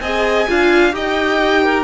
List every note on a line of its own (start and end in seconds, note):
0.00 0.46 C4
0.00 0.48 G#4
0.00 0.47 D#5
0.00 0.92 G#5
0.48 0.92 D4
0.48 0.92 F4
0.48 0.94 F5
0.92 1.84 D#4
0.92 1.84 G4
0.92 1.63 D#5
0.92 1.84 G5
1.63 1.84 A#4